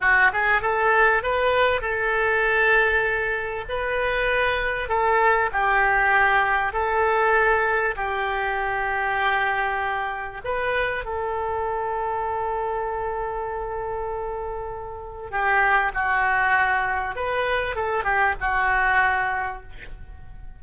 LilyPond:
\new Staff \with { instrumentName = "oboe" } { \time 4/4 \tempo 4 = 98 fis'8 gis'8 a'4 b'4 a'4~ | a'2 b'2 | a'4 g'2 a'4~ | a'4 g'2.~ |
g'4 b'4 a'2~ | a'1~ | a'4 g'4 fis'2 | b'4 a'8 g'8 fis'2 | }